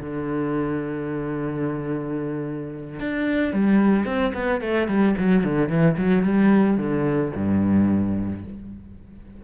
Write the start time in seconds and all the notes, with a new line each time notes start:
0.00 D3
3.00 D4
3.53 G3
4.06 C4
4.34 B3
4.61 A3
4.88 G3
5.19 F#3
5.44 D3
5.69 E3
5.98 F#3
6.23 G3
6.78 D3
7.35 G2